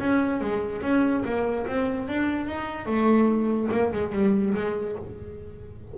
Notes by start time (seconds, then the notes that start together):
0.00 C#4
0.41 G#3
0.82 C#4
1.25 A#3
1.67 C4
2.08 D4
2.47 D#4
2.86 A3
3.72 A#3
3.93 G#3
4.13 G3
4.55 G#3